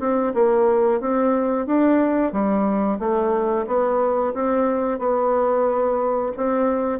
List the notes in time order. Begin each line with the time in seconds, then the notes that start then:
0.00 C4
0.34 A#3
1.01 C4
1.67 D4
2.32 G3
2.99 A3
3.67 B3
4.34 C4
4.99 B3
6.37 C4